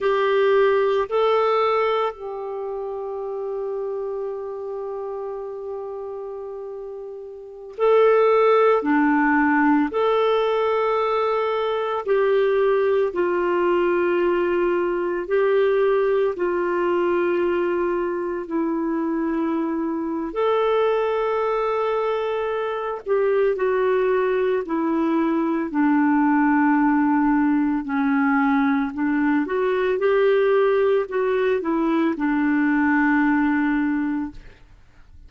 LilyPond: \new Staff \with { instrumentName = "clarinet" } { \time 4/4 \tempo 4 = 56 g'4 a'4 g'2~ | g'2.~ g'16 a'8.~ | a'16 d'4 a'2 g'8.~ | g'16 f'2 g'4 f'8.~ |
f'4~ f'16 e'4.~ e'16 a'4~ | a'4. g'8 fis'4 e'4 | d'2 cis'4 d'8 fis'8 | g'4 fis'8 e'8 d'2 | }